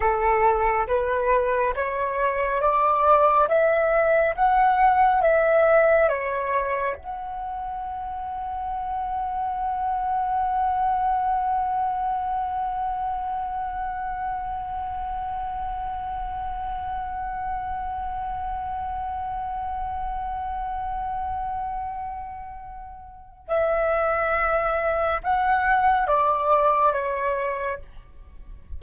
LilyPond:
\new Staff \with { instrumentName = "flute" } { \time 4/4 \tempo 4 = 69 a'4 b'4 cis''4 d''4 | e''4 fis''4 e''4 cis''4 | fis''1~ | fis''1~ |
fis''1~ | fis''1~ | fis''2. e''4~ | e''4 fis''4 d''4 cis''4 | }